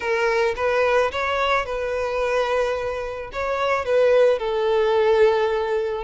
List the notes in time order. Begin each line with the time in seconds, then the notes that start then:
0.00 A#4
0.56 B4
1.11 C#5
1.65 B4
3.32 C#5
3.85 B4
4.38 A4